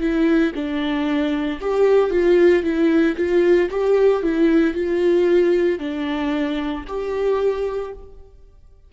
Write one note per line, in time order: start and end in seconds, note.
0.00 0.53 E4
0.55 1.60 D4
1.61 2.11 G4
2.11 2.63 F4
2.63 3.16 E4
3.17 3.69 F4
3.70 4.23 G4
4.23 4.74 E4
4.74 5.79 F4
5.79 6.85 D4
6.88 7.93 G4